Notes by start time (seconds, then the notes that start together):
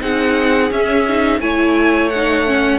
0.00 C4 D#4 G#4 F#5
0.70 C#4 E5
1.08 D#4
1.40 A3 E4 C#5 G#5
2.09 F#5
2.15 D#4
2.46 C#4